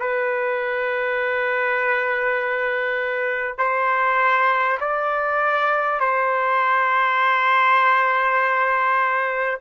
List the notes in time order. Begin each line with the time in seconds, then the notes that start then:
0.00 B4
3.58 C5
4.81 D5
6.01 C5